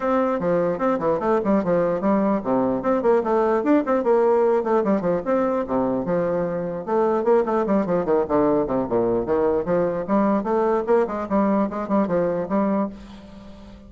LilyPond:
\new Staff \with { instrumentName = "bassoon" } { \time 4/4 \tempo 4 = 149 c'4 f4 c'8 e8 a8 g8 | f4 g4 c4 c'8 ais8 | a4 d'8 c'8 ais4. a8 | g8 f8 c'4 c4 f4~ |
f4 a4 ais8 a8 g8 f8 | dis8 d4 c8 ais,4 dis4 | f4 g4 a4 ais8 gis8 | g4 gis8 g8 f4 g4 | }